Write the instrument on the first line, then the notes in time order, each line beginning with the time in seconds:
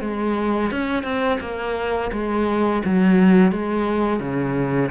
cello
0.00 G#3
0.71 C#4
1.03 C4
1.40 A#3
2.12 G#3
2.84 F#3
3.51 G#3
4.20 C#3